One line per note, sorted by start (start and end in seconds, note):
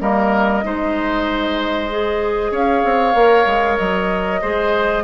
0.00 0.64 G3
0.00 0.63 A#3
0.00 0.64 A#4
0.00 2.54 D#5
0.64 2.51 G#3
0.64 1.90 D#4
0.64 2.52 C5
1.90 3.16 G#4
2.51 2.83 C#4
2.51 4.41 C#5
2.51 3.78 F5
2.85 3.14 C4
3.14 3.46 A#3
3.14 4.42 A#4
3.47 3.78 G#3
3.78 4.43 F#3
3.78 5.04 D#5
4.42 5.04 G#3
4.42 5.04 G#4
4.42 5.04 C5